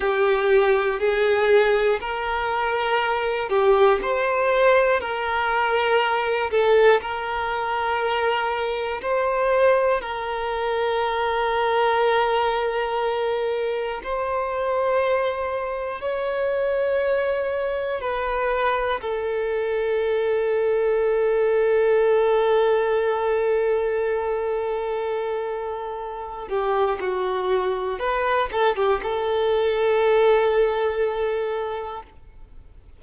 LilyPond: \new Staff \with { instrumentName = "violin" } { \time 4/4 \tempo 4 = 60 g'4 gis'4 ais'4. g'8 | c''4 ais'4. a'8 ais'4~ | ais'4 c''4 ais'2~ | ais'2 c''2 |
cis''2 b'4 a'4~ | a'1~ | a'2~ a'8 g'8 fis'4 | b'8 a'16 g'16 a'2. | }